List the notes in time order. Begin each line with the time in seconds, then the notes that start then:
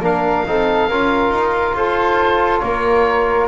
0.00 A#3 D4 A#4 F5
0.47 C4 D#4 A4
0.89 C#4 F4 A#4
1.30 D#4
1.74 F4 A4 C5
2.60 A#3 A#4 C#5